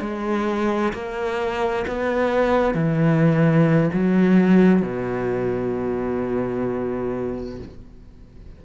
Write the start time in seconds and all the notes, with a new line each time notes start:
0.00 G#3
0.93 A#3
1.87 B3
2.74 E3
3.93 F#3
4.82 B2